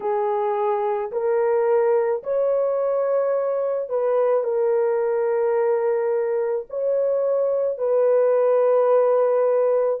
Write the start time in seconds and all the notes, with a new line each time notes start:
0.00 G#4
1.11 A#4
2.23 C#5
3.89 B4
4.43 A#4
6.69 C#5
7.78 B4